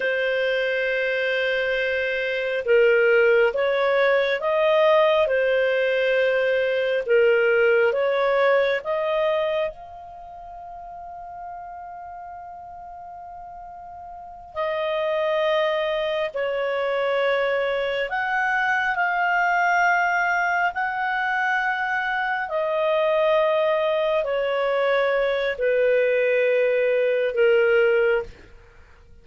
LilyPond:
\new Staff \with { instrumentName = "clarinet" } { \time 4/4 \tempo 4 = 68 c''2. ais'4 | cis''4 dis''4 c''2 | ais'4 cis''4 dis''4 f''4~ | f''1~ |
f''8 dis''2 cis''4.~ | cis''8 fis''4 f''2 fis''8~ | fis''4. dis''2 cis''8~ | cis''4 b'2 ais'4 | }